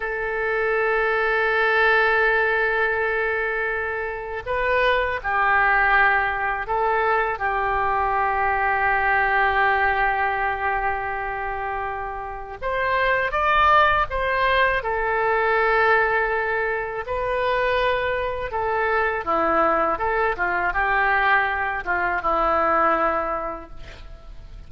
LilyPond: \new Staff \with { instrumentName = "oboe" } { \time 4/4 \tempo 4 = 81 a'1~ | a'2 b'4 g'4~ | g'4 a'4 g'2~ | g'1~ |
g'4 c''4 d''4 c''4 | a'2. b'4~ | b'4 a'4 e'4 a'8 f'8 | g'4. f'8 e'2 | }